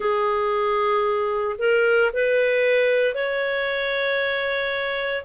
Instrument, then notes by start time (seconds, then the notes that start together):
clarinet
0.00 G#4
1.58 A#4
2.13 B4
3.14 C#5